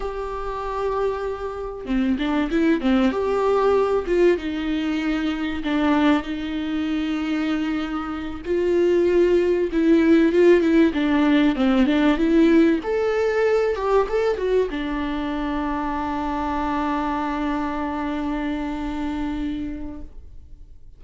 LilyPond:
\new Staff \with { instrumentName = "viola" } { \time 4/4 \tempo 4 = 96 g'2. c'8 d'8 | e'8 c'8 g'4. f'8 dis'4~ | dis'4 d'4 dis'2~ | dis'4. f'2 e'8~ |
e'8 f'8 e'8 d'4 c'8 d'8 e'8~ | e'8 a'4. g'8 a'8 fis'8 d'8~ | d'1~ | d'1 | }